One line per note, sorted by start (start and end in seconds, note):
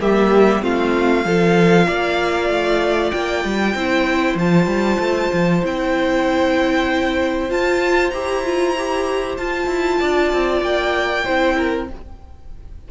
0.00 0.63 G3
0.00 0.61 A#3
0.00 0.63 G4
0.00 0.64 E5
0.61 1.25 A3
0.61 1.23 C4
0.61 1.26 F4
0.61 3.11 F5
1.25 1.88 F3
1.25 3.77 F4
1.25 1.87 A4
1.87 2.49 A#3
1.87 3.75 D5
2.49 3.12 A3
3.11 3.45 A#3
3.11 4.36 G5
3.45 3.75 G3
3.75 4.35 C4
3.75 4.40 E4
3.75 10.00 C5
4.35 4.66 F3
4.35 5.62 F4
4.35 5.64 A5
4.66 4.98 G3
5.00 5.31 A3
5.33 5.64 F3
5.62 7.50 C4
5.62 7.49 E4
5.62 7.51 G5
7.49 8.12 F4
7.49 8.13 F4
7.49 8.10 A5
8.10 9.38 E4
8.10 8.45 G4
8.10 9.35 A#5
8.45 8.76 F4
8.77 9.39 G4
9.38 9.67 F4
9.38 11.25 F4
9.38 10.62 A5
9.67 9.98 E4
10.00 10.33 D4
10.00 11.25 D5
10.33 10.62 C4
10.62 11.24 A#3
10.62 11.88 G5
11.25 11.91 C4
11.25 11.88 E4
11.25 11.56 C5
11.57 11.88 A#4